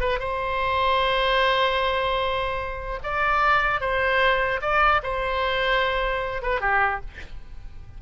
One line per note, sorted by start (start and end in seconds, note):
0.00 0.20 B4
0.20 3.00 C5
3.04 3.81 D5
3.81 4.61 C5
4.61 5.01 D5
5.03 6.43 C5
6.43 6.61 B4
6.61 7.01 G4